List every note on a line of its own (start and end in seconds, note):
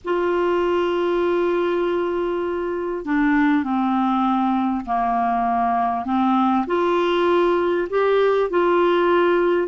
0.04 3.05 F4
3.05 3.63 D4
3.63 4.84 C4
4.85 6.05 A#3
6.05 6.65 C4
6.67 7.88 F4
7.90 8.50 G4
8.50 9.68 F4